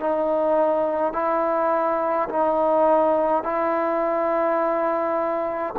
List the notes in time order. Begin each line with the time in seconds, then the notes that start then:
0.00 D#4
1.13 E4
2.29 D#4
3.43 E4